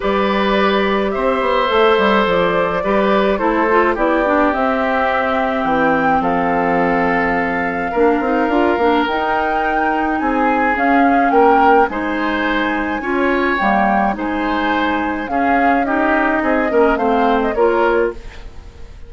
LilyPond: <<
  \new Staff \with { instrumentName = "flute" } { \time 4/4 \tempo 4 = 106 d''2 e''2 | d''2 c''4 d''4 | e''2 g''4 f''4~ | f''1 |
g''2 gis''4 f''4 | g''4 gis''2. | g''4 gis''2 f''4 | dis''2 f''8. dis''16 cis''4 | }
  \new Staff \with { instrumentName = "oboe" } { \time 4/4 b'2 c''2~ | c''4 b'4 a'4 g'4~ | g'2. a'4~ | a'2 ais'2~ |
ais'2 gis'2 | ais'4 c''2 cis''4~ | cis''4 c''2 gis'4 | g'4 gis'8 ais'8 c''4 ais'4 | }
  \new Staff \with { instrumentName = "clarinet" } { \time 4/4 g'2. a'4~ | a'4 g'4 e'8 f'8 e'8 d'8 | c'1~ | c'2 d'8 dis'8 f'8 d'8 |
dis'2. cis'4~ | cis'4 dis'2 f'4 | ais4 dis'2 cis'4 | dis'4. cis'8 c'4 f'4 | }
  \new Staff \with { instrumentName = "bassoon" } { \time 4/4 g2 c'8 b8 a8 g8 | f4 g4 a4 b4 | c'2 e4 f4~ | f2 ais8 c'8 d'8 ais8 |
dis'2 c'4 cis'4 | ais4 gis2 cis'4 | g4 gis2 cis'4~ | cis'4 c'8 ais8 a4 ais4 | }
>>